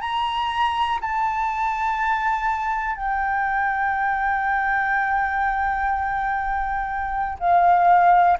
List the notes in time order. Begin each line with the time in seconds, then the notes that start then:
0.00 A#5
1.01 A5
2.96 G5
7.39 F5